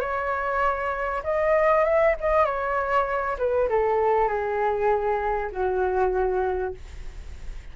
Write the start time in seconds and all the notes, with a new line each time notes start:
0.00 C#5
1.24 D#5
1.85 E5
2.20 D#5
2.45 C#5
3.38 B4
3.69 A4
4.28 G#4
5.52 F#4